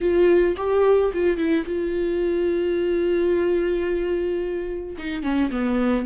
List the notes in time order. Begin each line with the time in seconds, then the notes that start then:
0.01 F4
0.57 G4
1.13 F4
1.37 E4
1.65 F4
4.97 D#4
5.22 C#4
5.50 B3